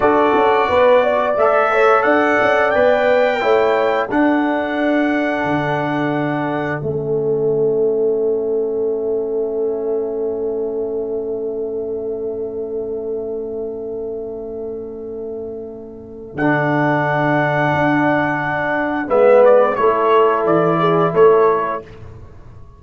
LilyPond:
<<
  \new Staff \with { instrumentName = "trumpet" } { \time 4/4 \tempo 4 = 88 d''2 e''4 fis''4 | g''2 fis''2~ | fis''2 e''2~ | e''1~ |
e''1~ | e''1 | fis''1 | e''8 d''8 cis''4 d''4 cis''4 | }
  \new Staff \with { instrumentName = "horn" } { \time 4/4 a'4 b'8 d''4 cis''8 d''4~ | d''4 cis''4 a'2~ | a'1~ | a'1~ |
a'1~ | a'1~ | a'1 | b'4 a'4. gis'8 a'4 | }
  \new Staff \with { instrumentName = "trombone" } { \time 4/4 fis'2 a'2 | b'4 e'4 d'2~ | d'2 cis'2~ | cis'1~ |
cis'1~ | cis'1 | d'1 | b4 e'2. | }
  \new Staff \with { instrumentName = "tuba" } { \time 4/4 d'8 cis'8 b4 a4 d'8 cis'8 | b4 a4 d'2 | d2 a2~ | a1~ |
a1~ | a1 | d2 d'2 | gis4 a4 e4 a4 | }
>>